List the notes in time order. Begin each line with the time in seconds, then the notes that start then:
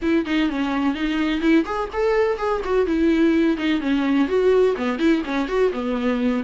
0.02 E4
0.25 D#4
0.49 C#4
0.94 D#4
1.40 E4
1.65 G#4
1.92 A4
2.37 G#4
2.64 F#4
2.86 E4
3.57 D#4
3.80 C#4
4.28 F#4
4.76 B3
4.98 E4
5.24 C#4
5.48 F#4
5.72 B3